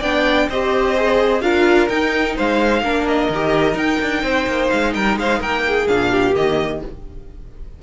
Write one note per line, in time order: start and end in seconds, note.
0.00 0.49 B3
0.00 0.50 D4
0.00 0.47 D5
0.00 0.50 G5
0.49 1.42 C4
0.49 0.97 G4
0.49 1.43 C5
0.49 1.41 D#5
0.97 1.42 G#4
1.41 1.89 D4
1.41 1.89 F4
1.41 2.36 A#4
1.41 1.88 F5
1.89 2.83 D#4
1.89 2.37 D#4
1.89 2.36 G5
2.36 2.82 G#3
2.36 2.83 C5
2.36 3.08 F5
2.82 3.29 A#3
2.82 3.31 D4
2.82 4.23 A#4
3.08 3.78 D#5
3.30 3.75 D#3
3.30 3.74 G4
3.74 5.85 D#4
3.74 3.98 D#4
3.74 4.70 G5
4.02 4.23 D4
4.23 4.47 C4
4.23 4.94 C5
4.47 4.71 A#3
4.70 4.96 G#3
4.70 4.94 F5
4.94 5.17 G3
4.94 5.19 A#4
4.94 5.18 G5
5.17 5.41 G#3
5.17 5.40 C5
5.17 5.42 F5
5.40 5.88 A#3
5.40 5.63 A#4
5.40 5.88 G5
5.67 6.11 G#4
5.88 6.36 A#2
5.88 6.34 D4
5.88 6.35 F5
6.11 6.81 G4
6.34 6.83 D#3
6.34 6.81 A#3
6.34 6.83 D#5